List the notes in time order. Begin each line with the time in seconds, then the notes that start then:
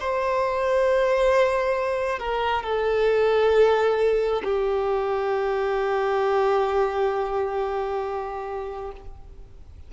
0.00 C5
2.19 A#4
2.63 A4
4.44 G4